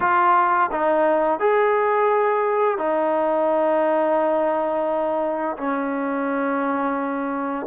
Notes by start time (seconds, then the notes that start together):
0.00 F4
0.71 D#4
1.40 G#4
2.77 D#4
5.57 C#4